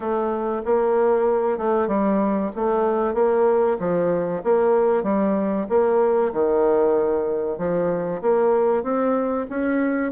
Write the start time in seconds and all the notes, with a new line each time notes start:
0.00 A3
0.65 A#3
1.58 A3
1.87 G3
2.55 A3
3.14 A#3
3.79 F3
4.43 A#3
5.03 G3
5.69 A#3
6.32 D#3
7.58 F3
8.21 A#3
8.83 C4
9.49 C#4